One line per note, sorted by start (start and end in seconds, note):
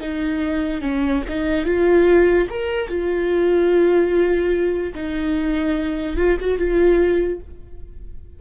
0.00 0.81 D#4
0.81 1.22 C#4
1.28 1.65 D#4
1.65 2.47 F4
2.49 2.88 A#4
2.88 4.94 F4
4.94 6.16 D#4
6.16 6.37 F4
6.39 6.58 F#4
6.58 7.40 F4